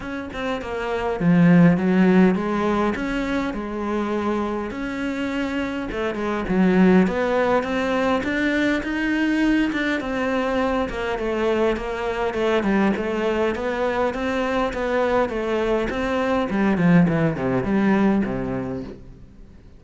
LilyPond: \new Staff \with { instrumentName = "cello" } { \time 4/4 \tempo 4 = 102 cis'8 c'8 ais4 f4 fis4 | gis4 cis'4 gis2 | cis'2 a8 gis8 fis4 | b4 c'4 d'4 dis'4~ |
dis'8 d'8 c'4. ais8 a4 | ais4 a8 g8 a4 b4 | c'4 b4 a4 c'4 | g8 f8 e8 c8 g4 c4 | }